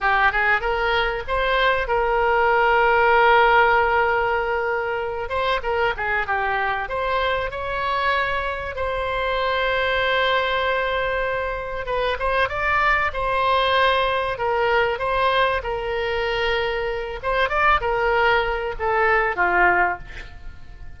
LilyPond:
\new Staff \with { instrumentName = "oboe" } { \time 4/4 \tempo 4 = 96 g'8 gis'8 ais'4 c''4 ais'4~ | ais'1~ | ais'8 c''8 ais'8 gis'8 g'4 c''4 | cis''2 c''2~ |
c''2. b'8 c''8 | d''4 c''2 ais'4 | c''4 ais'2~ ais'8 c''8 | d''8 ais'4. a'4 f'4 | }